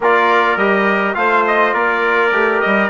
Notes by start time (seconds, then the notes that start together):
0.00 A#3 F4 A#4 D5
0.56 G3 G4 D#5
1.14 A3 F4 C5 F5
1.47 D#5
1.73 A#3 A#4 D5
2.31 A3 G4
2.60 G3 D#5